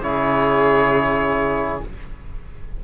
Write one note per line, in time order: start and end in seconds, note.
0.00 1.79 C#3
0.00 1.81 E4
0.00 1.84 G#4
0.00 1.81 C#5